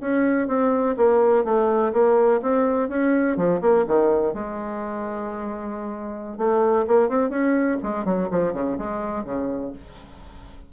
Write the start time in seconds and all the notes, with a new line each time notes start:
0.00 C#4
0.47 C4
0.96 A#3
1.44 A3
1.92 A#3
2.42 C4
2.88 C#4
3.36 F3
3.61 A#3
3.87 D#3
4.33 G#3
6.37 A3
6.87 A#3
7.08 C4
7.29 C#4
7.82 G#3
8.04 F#3
8.30 F3
8.53 C#3
8.78 G#3
9.24 C#3